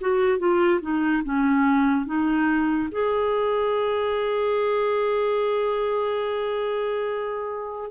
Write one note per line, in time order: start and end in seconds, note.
0.00 0.38 F#4
0.38 0.80 F4
0.81 1.22 D#4
1.23 2.05 C#4
2.05 2.89 D#4
2.91 7.91 G#4